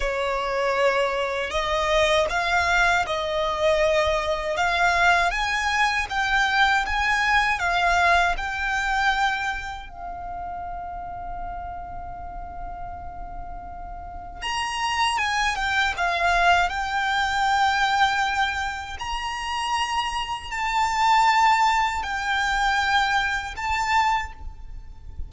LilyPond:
\new Staff \with { instrumentName = "violin" } { \time 4/4 \tempo 4 = 79 cis''2 dis''4 f''4 | dis''2 f''4 gis''4 | g''4 gis''4 f''4 g''4~ | g''4 f''2.~ |
f''2. ais''4 | gis''8 g''8 f''4 g''2~ | g''4 ais''2 a''4~ | a''4 g''2 a''4 | }